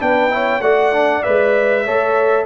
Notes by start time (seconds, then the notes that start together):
0.00 B3 D4 B4 G5
0.30 E4 C#5
0.61 A3 F#4 D5 F#5
0.93 D4
1.23 G#3 B4 E5
1.85 A3 A4 C#5